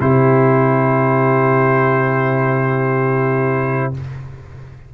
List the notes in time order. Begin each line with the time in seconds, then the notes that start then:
0.00 C3 E4 G4 C5